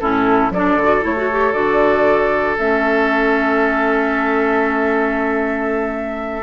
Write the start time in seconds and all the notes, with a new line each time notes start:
0.00 A2 C#4 E4 A4
0.50 F#3 D4 A4 D5
0.76 D3
0.83 F#4
1.02 A3 E4 C#5
1.16 F#4
1.31 G4
1.53 D3 F#4 D5
2.59 A3 C#4 E5